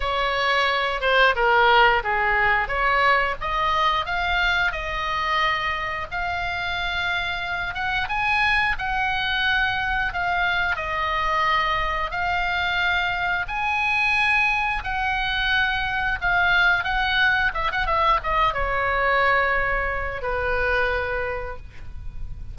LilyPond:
\new Staff \with { instrumentName = "oboe" } { \time 4/4 \tempo 4 = 89 cis''4. c''8 ais'4 gis'4 | cis''4 dis''4 f''4 dis''4~ | dis''4 f''2~ f''8 fis''8 | gis''4 fis''2 f''4 |
dis''2 f''2 | gis''2 fis''2 | f''4 fis''4 e''16 fis''16 e''8 dis''8 cis''8~ | cis''2 b'2 | }